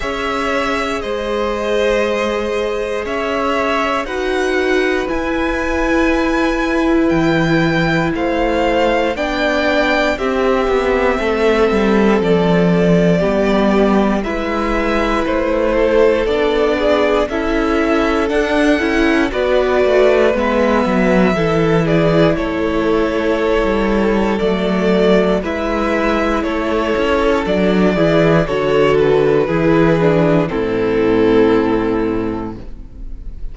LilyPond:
<<
  \new Staff \with { instrumentName = "violin" } { \time 4/4 \tempo 4 = 59 e''4 dis''2 e''4 | fis''4 gis''2 g''4 | f''4 g''4 e''2 | d''2 e''4 c''4 |
d''4 e''4 fis''4 d''4 | e''4. d''8 cis''2 | d''4 e''4 cis''4 d''4 | cis''8 b'4. a'2 | }
  \new Staff \with { instrumentName = "violin" } { \time 4/4 cis''4 c''2 cis''4 | b'1 | c''4 d''4 g'4 a'4~ | a'4 g'4 b'4. a'8~ |
a'8 gis'8 a'2 b'4~ | b'4 a'8 gis'8 a'2~ | a'4 b'4 a'4. gis'8 | a'4 gis'4 e'2 | }
  \new Staff \with { instrumentName = "viola" } { \time 4/4 gis'1 | fis'4 e'2.~ | e'4 d'4 c'2~ | c'4 b4 e'2 |
d'4 e'4 d'8 e'8 fis'4 | b4 e'2. | a4 e'2 d'8 e'8 | fis'4 e'8 d'8 c'2 | }
  \new Staff \with { instrumentName = "cello" } { \time 4/4 cis'4 gis2 cis'4 | dis'4 e'2 e4 | a4 b4 c'8 b8 a8 g8 | f4 g4 gis4 a4 |
b4 cis'4 d'8 cis'8 b8 a8 | gis8 fis8 e4 a4~ a16 g8. | fis4 gis4 a8 cis'8 fis8 e8 | d4 e4 a,2 | }
>>